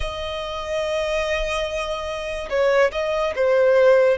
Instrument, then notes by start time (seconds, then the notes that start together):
violin
0.00 D#5
2.49 C#5
2.92 D#5
3.35 C5